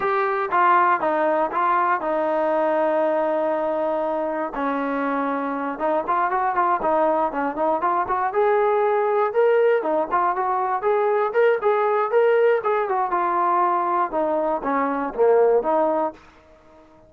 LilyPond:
\new Staff \with { instrumentName = "trombone" } { \time 4/4 \tempo 4 = 119 g'4 f'4 dis'4 f'4 | dis'1~ | dis'4 cis'2~ cis'8 dis'8 | f'8 fis'8 f'8 dis'4 cis'8 dis'8 f'8 |
fis'8 gis'2 ais'4 dis'8 | f'8 fis'4 gis'4 ais'8 gis'4 | ais'4 gis'8 fis'8 f'2 | dis'4 cis'4 ais4 dis'4 | }